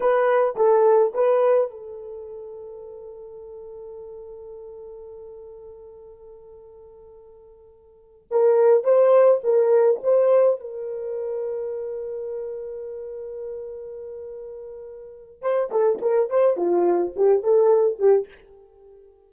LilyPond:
\new Staff \with { instrumentName = "horn" } { \time 4/4 \tempo 4 = 105 b'4 a'4 b'4 a'4~ | a'1~ | a'1~ | a'2~ a'8 ais'4 c''8~ |
c''8 ais'4 c''4 ais'4.~ | ais'1~ | ais'2. c''8 a'8 | ais'8 c''8 f'4 g'8 a'4 g'8 | }